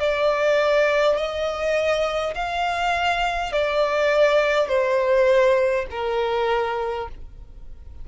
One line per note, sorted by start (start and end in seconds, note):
0.00 1.17 D5
1.17 2.34 D#5
2.35 3.52 F5
3.52 4.68 D5
4.68 5.86 C5
5.90 7.08 A#4